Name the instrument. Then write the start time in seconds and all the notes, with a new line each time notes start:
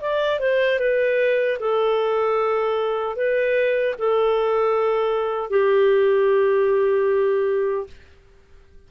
clarinet
0.00 D5
0.39 C5
0.79 B4
1.59 A4
3.16 B4
3.98 A4
5.50 G4